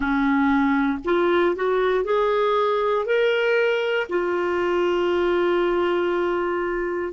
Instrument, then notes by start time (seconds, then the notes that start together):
clarinet
0.00 C#4
1.04 F4
1.55 F#4
2.04 G#4
3.05 A#4
4.09 F4